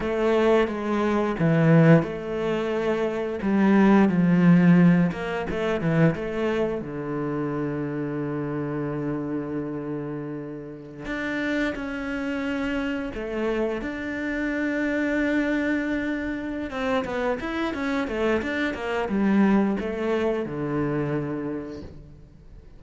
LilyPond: \new Staff \with { instrumentName = "cello" } { \time 4/4 \tempo 4 = 88 a4 gis4 e4 a4~ | a4 g4 f4. ais8 | a8 e8 a4 d2~ | d1~ |
d16 d'4 cis'2 a8.~ | a16 d'2.~ d'8.~ | d'8 c'8 b8 e'8 cis'8 a8 d'8 ais8 | g4 a4 d2 | }